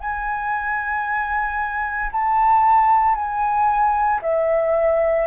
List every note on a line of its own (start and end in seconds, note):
0.00 2.11 G#5
2.12 3.15 A5
3.15 4.20 G#5
4.22 5.27 E5